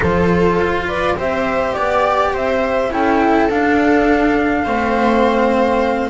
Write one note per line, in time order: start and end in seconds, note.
0.00 0.59 F3
0.00 1.15 F4
0.00 0.85 A4
0.00 0.88 C5
0.59 1.17 F4
0.87 1.16 B4
0.87 1.17 D5
1.16 1.75 C4
1.16 2.90 G4
1.16 1.76 C5
1.16 1.72 E5
1.72 2.33 B3
1.72 2.31 D5
1.72 2.33 D5
2.33 2.91 C4
2.33 2.91 C5
2.33 2.92 E5
2.90 3.49 C#4
2.90 3.48 E4
2.90 4.63 A4
2.90 3.50 G5
3.49 4.65 D4
3.49 6.10 F5
4.63 6.10 A3
4.63 6.10 C4
4.63 6.09 C5